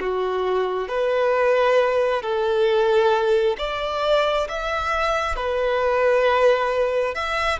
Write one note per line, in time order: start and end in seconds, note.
0.00 0.88 F#4
0.88 2.22 B4
2.22 3.57 A4
3.58 4.48 D5
4.49 5.36 E5
5.36 7.15 B4
7.15 7.60 E5